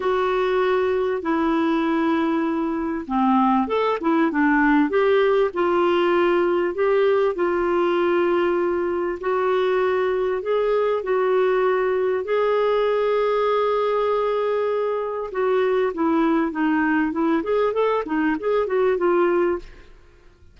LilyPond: \new Staff \with { instrumentName = "clarinet" } { \time 4/4 \tempo 4 = 98 fis'2 e'2~ | e'4 c'4 a'8 e'8 d'4 | g'4 f'2 g'4 | f'2. fis'4~ |
fis'4 gis'4 fis'2 | gis'1~ | gis'4 fis'4 e'4 dis'4 | e'8 gis'8 a'8 dis'8 gis'8 fis'8 f'4 | }